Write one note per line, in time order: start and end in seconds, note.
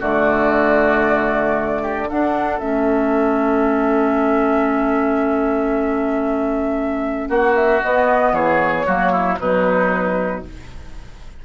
0.00 2.11 D3
0.00 2.09 A3
0.00 1.83 F#4
0.00 2.10 D5
1.83 2.08 G4
2.08 2.60 D4
2.08 7.28 A4
2.08 2.60 F#5
2.60 7.29 A3
2.60 7.81 C#4
2.60 7.29 E5
7.28 7.81 A#3
7.28 8.33 F#4
7.28 7.56 F#5
7.56 7.82 E5
7.82 8.86 B3
7.82 8.32 B3
7.82 8.35 D#5
8.32 8.85 E3
8.32 8.87 G#4
8.32 9.39 C#5
8.86 9.39 F#3
8.86 9.38 A#3
8.86 9.12 F#4
9.12 9.38 E4
9.39 10.44 B2
9.39 10.45 F#3
9.39 10.45 D#4
9.39 10.44 B4